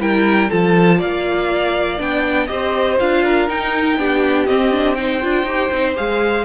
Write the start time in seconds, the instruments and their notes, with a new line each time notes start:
0.00 cello G3, viola E4, violin A#4 G5
0.50 cello F3, viola F4, violin A4 A5
0.99 cello A#3, violin D5 F5
1.98 cello B3, viola D4, violin G5
2.47 cello C4, viola G4, violin C5 D#5
3.00 cello D4, viola F4, violin F5
3.25 violin A#4
3.49 viola D#4, cello D#4, violin G5
3.97 cello B3, viola D4, violin G4
4.46 viola C4, cello C4, violin D#5
4.72 viola D4
4.95 viola D#4, violin C5 G5
5.22 cello D4, viola F4
5.44 cello D#4, viola G4
5.72 cello C4, viola D#4
5.96 cello G#3, viola G#4, violin F5